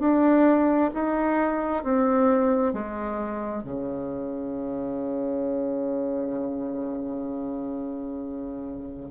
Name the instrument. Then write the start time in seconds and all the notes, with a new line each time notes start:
bassoon
0.00 D4
0.95 D#4
1.84 C4
2.74 G#3
3.64 C#3